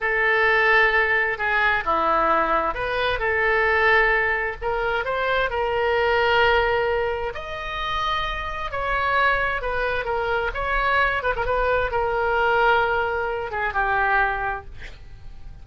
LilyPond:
\new Staff \with { instrumentName = "oboe" } { \time 4/4 \tempo 4 = 131 a'2. gis'4 | e'2 b'4 a'4~ | a'2 ais'4 c''4 | ais'1 |
dis''2. cis''4~ | cis''4 b'4 ais'4 cis''4~ | cis''8 b'16 ais'16 b'4 ais'2~ | ais'4. gis'8 g'2 | }